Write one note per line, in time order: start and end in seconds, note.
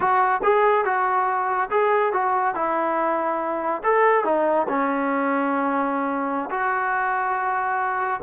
0.00 0.41 F#4
0.43 0.84 G#4
0.84 1.69 F#4
1.70 2.13 G#4
2.13 2.54 F#4
2.54 3.82 E4
3.83 4.24 A4
4.24 4.67 D#4
4.68 6.49 C#4
6.50 8.20 F#4